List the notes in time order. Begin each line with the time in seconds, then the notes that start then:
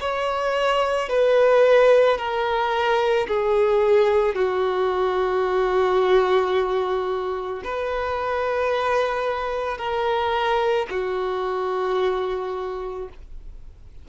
0.00 C#5
1.09 B4
2.18 A#4
3.28 G#4
4.35 F#4
7.64 B4
9.77 A#4
10.90 F#4